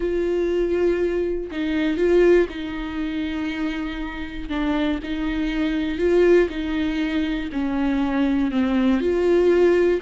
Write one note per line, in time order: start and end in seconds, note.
0.00 1.50 F4
1.51 1.97 D#4
1.97 2.47 F4
2.49 4.49 D#4
4.49 4.99 D4
5.03 5.98 D#4
5.98 6.48 F4
6.49 7.49 D#4
7.52 8.51 C#4
8.51 9.00 C4
9.00 10.00 F4